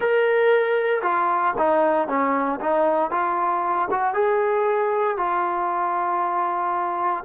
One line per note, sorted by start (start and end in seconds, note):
0.00 1.02 A#4
1.02 1.54 F4
1.58 2.07 D#4
2.07 2.59 C#4
2.60 3.10 D#4
3.10 3.88 F4
3.90 4.14 F#4
4.14 5.17 G#4
5.17 7.24 F4